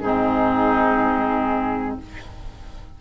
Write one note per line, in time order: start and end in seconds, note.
0.00 1.98 G#2
0.00 2.01 C4
0.00 1.98 D#4
0.00 1.97 G#4